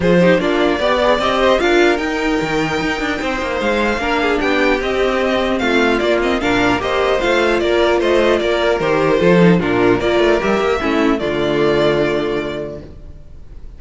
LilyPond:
<<
  \new Staff \with { instrumentName = "violin" } { \time 4/4 \tempo 4 = 150 c''4 d''2 dis''4 | f''4 g''2.~ | g''4 f''2 g''4 | dis''2 f''4 d''8 dis''8 |
f''4 dis''4 f''4 d''4 | dis''4 d''4 c''2 | ais'4 d''4 e''2 | d''1 | }
  \new Staff \with { instrumentName = "violin" } { \time 4/4 gis'8 g'8 f'4 d''4. c''8 | ais'1 | c''2 ais'8 gis'8 g'4~ | g'2 f'2 |
ais'4 c''2 ais'4 | c''4 ais'2 a'4 | f'4 ais'2 e'4 | f'1 | }
  \new Staff \with { instrumentName = "viola" } { \time 4/4 f'8 dis'8 d'4 g'8 gis'8 g'4 | f'4 dis'2.~ | dis'2 d'2 | c'2. ais8 c'8 |
d'4 g'4 f'2~ | f'2 g'4 f'8 dis'8 | d'4 f'4 g'4 cis'4 | a1 | }
  \new Staff \with { instrumentName = "cello" } { \time 4/4 f4 ais4 b4 c'4 | d'4 dis'4 dis4 dis'8 d'8 | c'8 ais8 gis4 ais4 b4 | c'2 a4 ais4 |
ais,4 ais4 a4 ais4 | a4 ais4 dis4 f4 | ais,4 ais8 a8 g8 ais8 a4 | d1 | }
>>